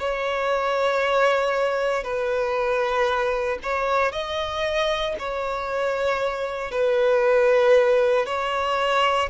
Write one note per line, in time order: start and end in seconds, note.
0.00 2.04 C#5
2.04 3.59 B4
3.63 4.12 C#5
4.12 5.16 D#5
5.19 6.71 C#5
6.71 8.26 B4
8.26 9.30 C#5